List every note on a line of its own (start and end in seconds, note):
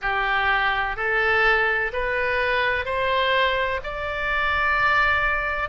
0.01 0.96 G4
0.96 1.91 A4
1.93 2.85 B4
2.85 3.80 C5
3.84 5.69 D5